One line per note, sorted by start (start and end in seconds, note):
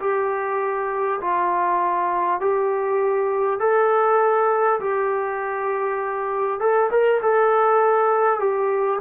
0.00 1.20 G4
1.21 2.40 F4
2.40 3.59 G4
3.59 4.79 A4
4.80 6.60 G4
6.60 6.90 A4
6.90 7.20 A#4
7.22 8.39 A4
8.39 8.99 G4